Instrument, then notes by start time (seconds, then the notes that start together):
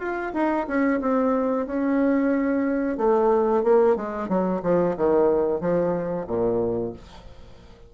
bassoon
0.00 F4
0.34 D#4
0.68 C#4
1.01 C4
1.67 C#4
2.98 A3
3.64 A#3
3.97 G#3
4.29 F#3
4.63 F3
4.97 D#3
5.61 F3
6.28 A#2